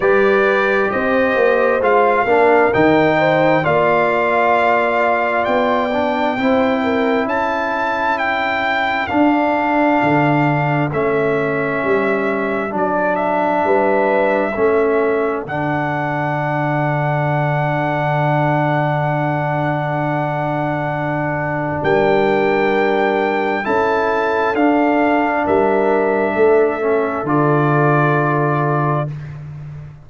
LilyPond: <<
  \new Staff \with { instrumentName = "trumpet" } { \time 4/4 \tempo 4 = 66 d''4 dis''4 f''4 g''4 | f''2 g''2 | a''4 g''4 f''2 | e''2 d''8 e''4.~ |
e''4 fis''2.~ | fis''1 | g''2 a''4 f''4 | e''2 d''2 | }
  \new Staff \with { instrumentName = "horn" } { \time 4/4 b'4 c''4. ais'4 c''8 | d''2. c''8 ais'8 | a'1~ | a'2. b'4 |
a'1~ | a'1 | ais'2 a'2 | ais'4 a'2. | }
  \new Staff \with { instrumentName = "trombone" } { \time 4/4 g'2 f'8 d'8 dis'4 | f'2~ f'8 d'8 e'4~ | e'2 d'2 | cis'2 d'2 |
cis'4 d'2.~ | d'1~ | d'2 e'4 d'4~ | d'4. cis'8 f'2 | }
  \new Staff \with { instrumentName = "tuba" } { \time 4/4 g4 c'8 ais8 gis8 ais8 dis4 | ais2 b4 c'4 | cis'2 d'4 d4 | a4 g4 fis4 g4 |
a4 d2.~ | d1 | g2 cis'4 d'4 | g4 a4 d2 | }
>>